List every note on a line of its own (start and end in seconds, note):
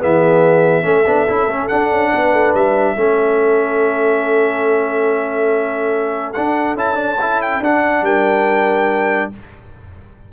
0.00 0.85 E3
0.00 0.83 B3
0.00 0.85 G#4
0.00 1.68 E5
0.83 1.06 A3
0.83 1.04 C#4
0.83 2.12 A4
1.06 1.27 B3
1.06 1.28 D4
1.28 1.47 C#4
1.28 1.49 E4
1.47 1.68 A3
1.47 1.70 C#4
1.68 2.97 D4
1.68 1.91 D4
1.68 2.53 F#5
1.91 2.12 C#4
2.12 2.33 B3
2.12 2.95 B4
2.33 2.54 A3
2.54 2.96 G3
2.54 6.33 E5
2.95 6.34 A3
2.95 6.35 C#4
2.95 8.02 A4
6.33 6.77 D4
6.33 6.75 D4
6.33 6.75 F#5
6.75 7.60 C#4
6.75 6.95 E4
6.75 7.42 A5
6.95 7.16 D4
7.21 7.63 E4
7.42 7.63 G5
7.60 8.02 D4
7.60 9.33 D4
7.60 8.05 F#5
8.02 9.28 G3
8.02 9.31 A#4
8.02 9.32 G5